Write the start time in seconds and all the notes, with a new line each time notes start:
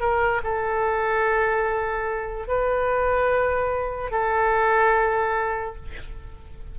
0.00 A#4
0.44 A4
2.47 B4
4.11 A4